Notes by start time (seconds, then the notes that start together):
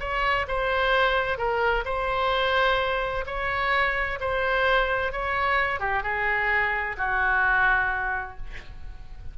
0.00 C#5
0.48 C5
1.38 A#4
1.85 C5
3.26 C#5
4.20 C5
5.12 C#5
5.80 G4
6.03 G#4
6.97 F#4